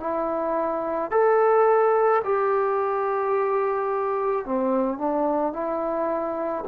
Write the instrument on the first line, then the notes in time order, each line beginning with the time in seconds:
trombone
0.00 E4
1.11 A4
2.24 G4
4.45 C4
4.98 D4
5.53 E4